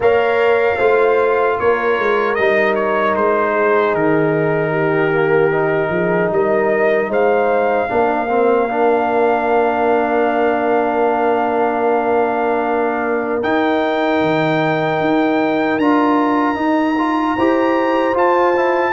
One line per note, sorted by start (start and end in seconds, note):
0.00 0.77 A#3
0.00 0.79 A#4
0.00 0.76 C#5
0.00 1.59 F5
0.76 1.57 A3
0.76 2.37 F4
0.76 1.55 C5
1.59 1.98 A#3
1.59 3.53 A#4
1.59 2.34 C#5
1.98 2.38 G#3
2.34 3.16 G3
2.34 5.12 D#4
2.34 2.74 D#5
2.75 3.14 C#5
3.15 3.93 G#3
3.15 3.94 C5
3.53 4.70 G#4
3.93 5.89 D#3
3.93 6.31 A#4
4.70 5.88 G4
5.12 5.51 A#3
5.51 7.88 D#4
5.89 6.29 F3
5.89 6.32 G#4
6.30 7.08 G3
6.30 7.10 A#4
6.30 7.12 D#5
7.08 7.87 G#3
7.08 7.88 C5
7.08 13.42 F5
7.88 13.43 A#3
7.88 8.27 D4
7.88 17.35 A#4
8.28 8.68 C4
8.68 13.42 D4
13.42 14.21 D#4
13.42 15.80 D#4
13.42 15.78 G5
14.21 15.00 D#3
15.00 15.77 D#4
15.77 16.56 D4
15.77 16.55 F4
15.77 18.15 A#5
16.55 16.94 D#4
16.55 17.35 D#4
16.98 17.37 F4
17.35 18.14 E4
17.35 18.14 G4
17.35 18.92 C5
18.14 18.53 F4
18.14 18.92 F4
18.14 18.92 A5
18.55 18.92 E4